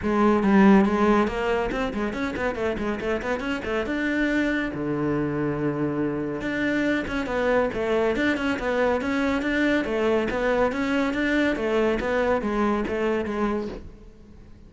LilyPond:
\new Staff \with { instrumentName = "cello" } { \time 4/4 \tempo 4 = 140 gis4 g4 gis4 ais4 | c'8 gis8 cis'8 b8 a8 gis8 a8 b8 | cis'8 a8 d'2 d4~ | d2. d'4~ |
d'8 cis'8 b4 a4 d'8 cis'8 | b4 cis'4 d'4 a4 | b4 cis'4 d'4 a4 | b4 gis4 a4 gis4 | }